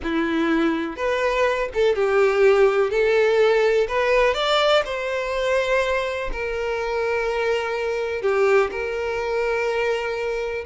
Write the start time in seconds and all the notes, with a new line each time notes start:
0.03 E4
0.96 B4
1.74 A4
1.95 G4
2.90 A4
3.88 B4
4.34 D5
4.85 C5
6.32 A#4
8.21 G4
8.71 A#4